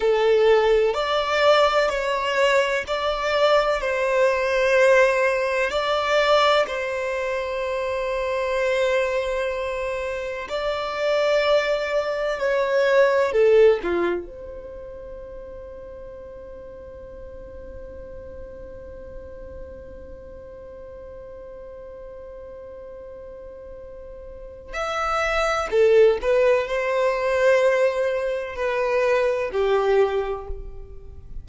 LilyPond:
\new Staff \with { instrumentName = "violin" } { \time 4/4 \tempo 4 = 63 a'4 d''4 cis''4 d''4 | c''2 d''4 c''4~ | c''2. d''4~ | d''4 cis''4 a'8 f'8 c''4~ |
c''1~ | c''1~ | c''2 e''4 a'8 b'8 | c''2 b'4 g'4 | }